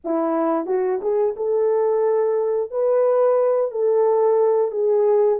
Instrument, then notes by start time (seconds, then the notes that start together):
horn
0.04 E4
0.66 F#4
1.01 G#4
1.36 A4
2.70 B4
3.71 A4
4.71 G#4